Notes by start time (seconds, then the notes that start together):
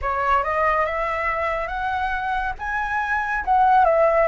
0.01 C#5
0.43 D#5
0.85 E5
1.67 F#5
2.58 G#5
3.44 F#5
3.85 E5